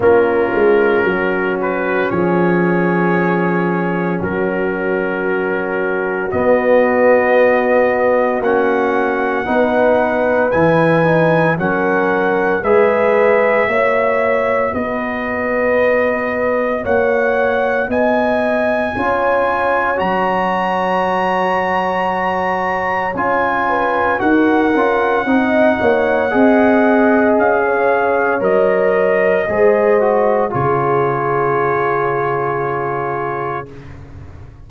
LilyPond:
<<
  \new Staff \with { instrumentName = "trumpet" } { \time 4/4 \tempo 4 = 57 ais'4. b'8 cis''2 | ais'2 dis''2 | fis''2 gis''4 fis''4 | e''2 dis''2 |
fis''4 gis''2 ais''4~ | ais''2 gis''4 fis''4~ | fis''2 f''4 dis''4~ | dis''4 cis''2. | }
  \new Staff \with { instrumentName = "horn" } { \time 4/4 f'4 fis'4 gis'2 | fis'1~ | fis'4 b'2 ais'4 | b'4 cis''4 b'2 |
cis''4 dis''4 cis''2~ | cis''2~ cis''8 b'8 ais'4 | dis''8 cis''8 dis''4~ dis''16 cis''4.~ cis''16 | c''4 gis'2. | }
  \new Staff \with { instrumentName = "trombone" } { \time 4/4 cis'1~ | cis'2 b2 | cis'4 dis'4 e'8 dis'8 cis'4 | gis'4 fis'2.~ |
fis'2 f'4 fis'4~ | fis'2 f'4 fis'8 f'8 | dis'4 gis'2 ais'4 | gis'8 fis'8 f'2. | }
  \new Staff \with { instrumentName = "tuba" } { \time 4/4 ais8 gis8 fis4 f2 | fis2 b2 | ais4 b4 e4 fis4 | gis4 ais4 b2 |
ais4 b4 cis'4 fis4~ | fis2 cis'4 dis'8 cis'8 | c'8 ais8 c'4 cis'4 fis4 | gis4 cis2. | }
>>